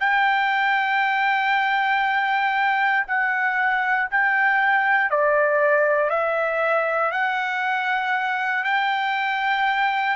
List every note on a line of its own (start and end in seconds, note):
0.00 3.05 G5
3.07 4.09 F#5
4.10 5.10 G5
5.10 6.10 D5
6.10 7.11 E5
7.12 8.64 F#5
8.64 10.16 G5